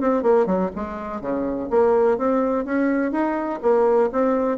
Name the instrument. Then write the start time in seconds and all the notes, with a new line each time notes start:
bassoon
0.00 C4
0.22 A#3
0.46 F#3
0.75 G#3
1.21 C#3
1.70 A#3
2.17 C4
2.65 C#4
3.11 D#4
3.62 A#3
4.12 C4